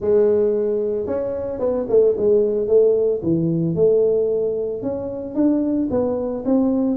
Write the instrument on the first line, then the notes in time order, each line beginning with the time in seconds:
tuba
0.00 G#3
1.06 C#4
1.59 B3
1.88 A3
2.17 G#3
2.67 A3
3.22 E3
3.75 A3
4.82 C#4
5.34 D4
5.90 B3
6.45 C4